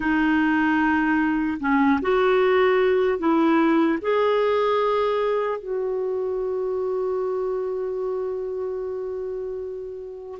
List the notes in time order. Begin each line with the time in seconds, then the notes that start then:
0.00 D#4
1.60 C#4
2.01 F#4
3.18 E4
4.01 G#4
5.58 F#4